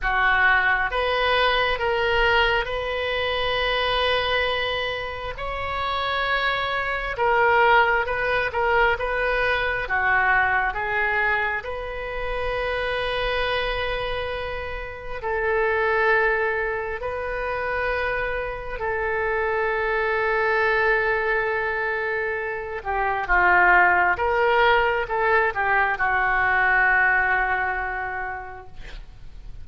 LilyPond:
\new Staff \with { instrumentName = "oboe" } { \time 4/4 \tempo 4 = 67 fis'4 b'4 ais'4 b'4~ | b'2 cis''2 | ais'4 b'8 ais'8 b'4 fis'4 | gis'4 b'2.~ |
b'4 a'2 b'4~ | b'4 a'2.~ | a'4. g'8 f'4 ais'4 | a'8 g'8 fis'2. | }